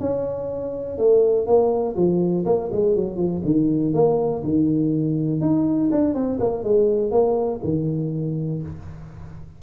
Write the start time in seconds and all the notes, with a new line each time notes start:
0.00 C#4
0.98 A3
1.46 A#3
1.96 F3
2.45 A#3
2.72 G#3
2.95 F#3
3.16 F3
3.44 D#3
3.93 A#3
4.44 D#3
5.41 D#4
5.92 D4
6.14 C4
6.40 A#3
6.63 G#3
7.11 A#3
7.63 D#3